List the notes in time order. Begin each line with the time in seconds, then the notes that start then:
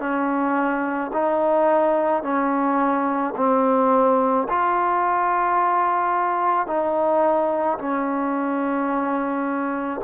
0.00 C#4
1.14 D#4
2.23 C#4
3.36 C4
4.49 F4
6.67 D#4
7.79 C#4